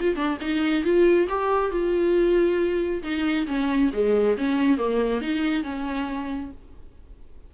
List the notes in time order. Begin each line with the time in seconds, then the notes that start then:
0.00 F4
0.16 D4
0.41 D#4
0.84 F4
1.29 G4
1.71 F4
3.03 D#4
3.47 C#4
3.93 G#3
4.38 C#4
4.78 A#3
5.21 D#4
5.63 C#4